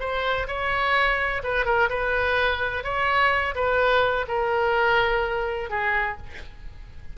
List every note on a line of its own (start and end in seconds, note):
0.00 0.47 C5
0.48 1.42 C#5
1.44 1.65 B4
1.65 1.89 A#4
1.90 2.84 B4
2.84 3.55 C#5
3.55 4.26 B4
4.28 5.70 A#4
5.70 6.17 G#4